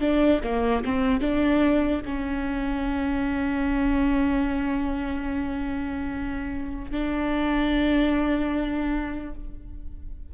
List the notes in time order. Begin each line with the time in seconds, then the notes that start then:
0.00 D4
0.43 A#3
0.85 C4
1.21 D4
2.05 C#4
6.91 D4